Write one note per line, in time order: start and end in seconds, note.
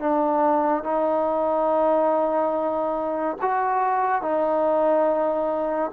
0.00 0.84 D4
0.84 3.37 D#4
3.41 4.22 F#4
4.22 5.91 D#4